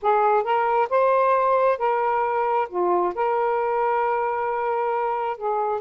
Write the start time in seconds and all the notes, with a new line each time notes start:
0.02 G#4
0.43 A#4
0.89 C5
1.78 A#4
2.69 F4
3.14 A#4
5.37 G#4